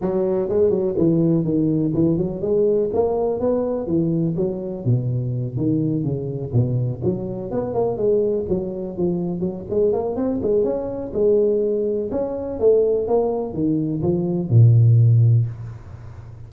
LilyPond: \new Staff \with { instrumentName = "tuba" } { \time 4/4 \tempo 4 = 124 fis4 gis8 fis8 e4 dis4 | e8 fis8 gis4 ais4 b4 | e4 fis4 b,4. dis8~ | dis8 cis4 b,4 fis4 b8 |
ais8 gis4 fis4 f4 fis8 | gis8 ais8 c'8 gis8 cis'4 gis4~ | gis4 cis'4 a4 ais4 | dis4 f4 ais,2 | }